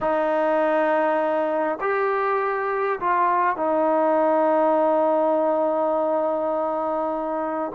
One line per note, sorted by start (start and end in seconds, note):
0.00 1.78 D#4
1.80 2.99 G4
3.00 3.56 F4
3.56 7.72 D#4